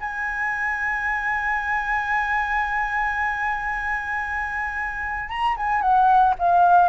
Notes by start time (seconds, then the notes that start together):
0.00 G#5
5.30 A#5
5.57 G#5
5.82 F#5
6.39 F5